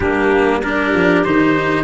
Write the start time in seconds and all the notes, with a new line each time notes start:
0.00 G3 A#3 D4 G4
0.62 D4 G4 A#4
0.94 F3
1.24 D#3 D#4 C5